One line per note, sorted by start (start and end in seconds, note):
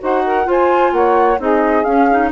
0.00 0.46 D#4
0.00 0.44 F#4
0.00 0.25 C5
0.00 0.50 F#5
0.26 0.47 A#4
0.44 1.37 F4
0.44 0.92 F4
0.44 0.93 C5
0.51 0.93 G#5
0.92 1.38 A#3
0.92 1.40 C#5
0.92 1.39 F#5
1.39 1.85 C4
1.39 1.85 D#4
1.39 2.32 G#4
1.39 1.84 D#5
1.84 2.08 C#4
1.84 2.32 C#4
1.84 2.30 F5
2.10 2.32 D#4